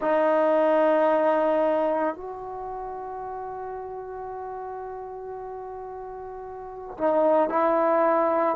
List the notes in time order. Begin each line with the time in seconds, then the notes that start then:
0.01 D#4
2.14 F#4
6.97 D#4
7.49 E4